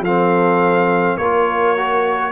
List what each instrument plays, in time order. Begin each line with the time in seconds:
0.00 tuba F3, trombone C4, horn A4, trumpet F5
1.17 tuba A#3, trombone F4, horn A#4, trumpet C#5
1.76 trombone F#4